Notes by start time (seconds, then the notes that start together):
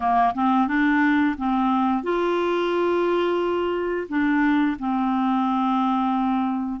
0.00 A#3
0.34 C4
0.67 D4
1.37 C4
2.03 F4
4.08 D4
4.79 C4